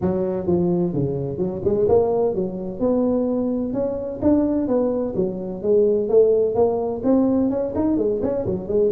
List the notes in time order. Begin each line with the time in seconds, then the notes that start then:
0.01 F#3
0.46 F3
0.93 C#3
1.37 F#3
1.64 G#3
1.88 A#3
2.34 F#3
2.79 B3
3.73 C#4
4.22 D4
4.67 B3
5.15 F#3
5.62 G#3
6.09 A3
6.54 A#3
7.03 C4
7.50 C#4
7.75 D#4
7.97 G#3
8.22 C#4
8.45 F#3
8.67 G#3